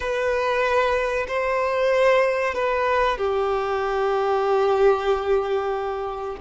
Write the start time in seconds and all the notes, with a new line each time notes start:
0.00 B4
1.27 C5
2.54 B4
3.17 G4